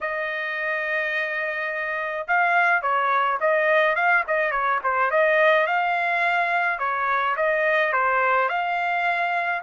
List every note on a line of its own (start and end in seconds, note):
0.00 2.27 D#5
2.27 2.81 F5
2.81 3.38 C#5
3.40 3.95 D#5
3.95 4.23 F5
4.27 4.51 D#5
4.51 4.79 C#5
4.83 5.10 C5
5.10 5.66 D#5
5.66 6.78 F5
6.78 7.35 C#5
7.36 7.92 D#5
7.92 8.49 C5
8.49 9.62 F5